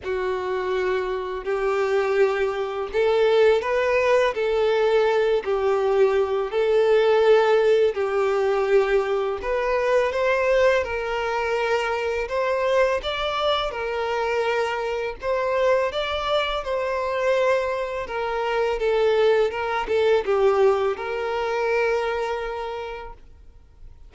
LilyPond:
\new Staff \with { instrumentName = "violin" } { \time 4/4 \tempo 4 = 83 fis'2 g'2 | a'4 b'4 a'4. g'8~ | g'4 a'2 g'4~ | g'4 b'4 c''4 ais'4~ |
ais'4 c''4 d''4 ais'4~ | ais'4 c''4 d''4 c''4~ | c''4 ais'4 a'4 ais'8 a'8 | g'4 ais'2. | }